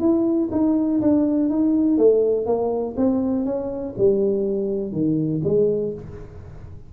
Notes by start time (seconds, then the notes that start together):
0.00 E4
0.52 D#4
1.02 D4
1.50 D#4
1.98 A3
2.46 A#3
2.97 C4
3.45 C#4
3.98 G3
4.92 D#3
5.44 G#3